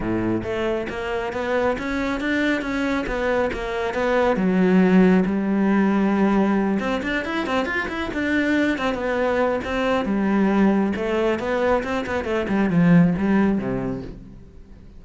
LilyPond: \new Staff \with { instrumentName = "cello" } { \time 4/4 \tempo 4 = 137 a,4 a4 ais4 b4 | cis'4 d'4 cis'4 b4 | ais4 b4 fis2 | g2.~ g8 c'8 |
d'8 e'8 c'8 f'8 e'8 d'4. | c'8 b4. c'4 g4~ | g4 a4 b4 c'8 b8 | a8 g8 f4 g4 c4 | }